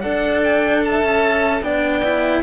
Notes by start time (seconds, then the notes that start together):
0.00 D4 A4 D5 F#5
0.43 G5
0.84 E5 A5
1.03 C#4
1.61 B3 D4 D5 G5
2.03 E4